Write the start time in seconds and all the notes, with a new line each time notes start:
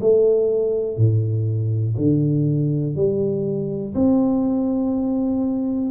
0.00 A3
0.97 A2
1.97 D3
2.96 G3
3.95 C4